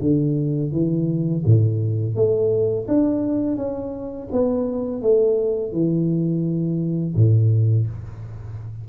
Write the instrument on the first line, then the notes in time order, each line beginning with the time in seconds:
tuba
0.00 D3
0.71 E3
1.45 A2
2.15 A3
2.87 D4
3.56 C#4
4.31 B3
5.02 A3
5.72 E3
7.15 A2